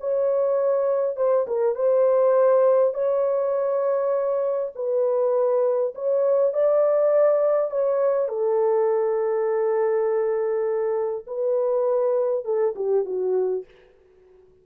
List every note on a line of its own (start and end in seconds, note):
0.00 1.16 C#5
1.16 1.46 C5
1.47 1.75 A#4
1.75 2.94 C5
2.94 4.72 C#5
4.75 5.94 B4
5.95 6.53 C#5
6.53 7.71 D5
7.71 8.28 C#5
8.28 11.25 A4
11.27 12.45 B4
12.45 12.75 A4
12.76 13.05 G4
13.05 13.64 F#4